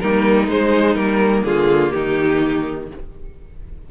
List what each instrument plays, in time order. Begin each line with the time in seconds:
0.00 cello G3, viola A#3, violin D#4 A#4
0.48 cello G#3, viola G#3, violin C5
0.95 cello G3, viola A#3, violin A#4
1.44 cello D3, violin F4 G#4
1.91 cello D#3, violin D#4 G4